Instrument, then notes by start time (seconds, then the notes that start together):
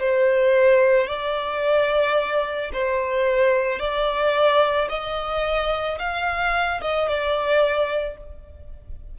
violin
0.00 C5
1.08 D5
2.73 C5
3.80 D5
4.89 D#5
6.00 F5
6.82 D#5
7.09 D5